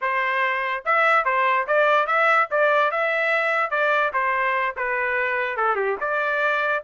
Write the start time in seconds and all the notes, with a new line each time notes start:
0.01 C5
0.85 E5
1.25 C5
1.67 D5
2.06 E5
2.51 D5
2.91 E5
3.70 D5
4.13 C5
4.76 B4
5.56 A4
5.75 G4
6.00 D5